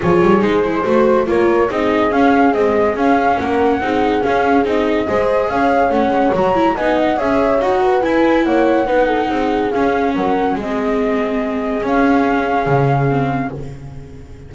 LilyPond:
<<
  \new Staff \with { instrumentName = "flute" } { \time 4/4 \tempo 4 = 142 cis''4 c''2 cis''4 | dis''4 f''4 dis''4 f''4 | fis''2 f''4 dis''4~ | dis''4 f''4 fis''4 ais''4 |
gis''8 fis''8 e''4 fis''4 gis''4 | fis''2. f''4 | fis''4 dis''2. | f''1 | }
  \new Staff \with { instrumentName = "horn" } { \time 4/4 gis'2 c''4 ais'4 | gis'1 | ais'4 gis'2. | c''4 cis''2. |
dis''4 cis''4. b'4. | cis''4 b'8 a'8 gis'2 | ais'4 gis'2.~ | gis'1 | }
  \new Staff \with { instrumentName = "viola" } { \time 4/4 f'4 dis'8 e'8 fis'4 f'4 | dis'4 cis'4 gis4 cis'4~ | cis'4 dis'4 cis'4 dis'4 | gis'2 cis'4 fis'8 e'8 |
dis'4 gis'4 fis'4 e'4~ | e'4 dis'2 cis'4~ | cis'4 c'2. | cis'2. c'4 | }
  \new Staff \with { instrumentName = "double bass" } { \time 4/4 f8 g8 gis4 a4 ais4 | c'4 cis'4 c'4 cis'4 | ais4 c'4 cis'4 c'4 | gis4 cis'4 a8 gis8 fis4 |
b4 cis'4 dis'4 e'4 | ais4 b4 c'4 cis'4 | fis4 gis2. | cis'2 cis2 | }
>>